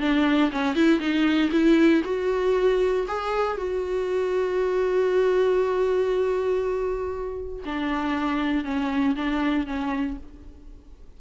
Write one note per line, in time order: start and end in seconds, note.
0.00 0.51 D4
0.52 0.75 C#4
0.75 1.00 E4
1.00 1.50 D#4
1.52 2.02 E4
2.05 3.06 F#4
3.07 3.57 G#4
3.57 7.64 F#4
7.65 8.64 D4
8.64 9.15 C#4
9.15 9.66 D4
9.66 10.17 C#4